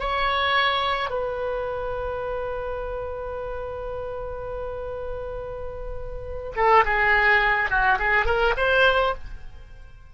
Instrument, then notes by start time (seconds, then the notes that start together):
oboe
0.00 C#5
1.10 B4
6.56 A4
6.85 G#4
7.70 F#4
7.99 G#4
8.26 A#4
8.57 C5